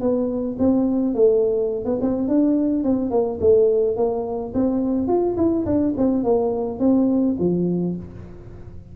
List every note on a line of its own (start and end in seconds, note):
0.00 0.57 B3
0.59 1.14 C4
1.14 1.84 A3
1.84 1.99 B3
2.01 2.28 C4
2.28 2.83 D4
2.83 3.10 C4
3.10 3.38 A#3
3.40 3.96 A3
3.96 4.53 A#3
4.54 5.08 C4
5.08 5.36 F4
5.37 5.65 E4
5.66 5.94 D4
5.97 6.23 C4
6.23 6.79 A#3
6.79 7.36 C4
7.39 7.96 F3